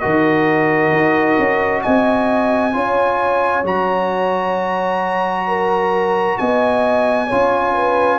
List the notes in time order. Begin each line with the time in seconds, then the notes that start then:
0.00 D#3 F#4 A#4 D#5
0.92 D#4
1.39 C#4
1.83 C4 D#5 G#5
2.73 C#4 F4 C#5
3.64 F#3 F#4 A#5
5.48 A#4
6.38 B3 D#5 G#5
7.27 C#4 F4 C#5
7.73 B4